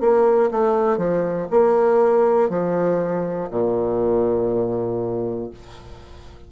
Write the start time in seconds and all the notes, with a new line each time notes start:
0.00 A#3
0.50 A3
0.97 F3
1.50 A#3
2.49 F3
3.50 A#2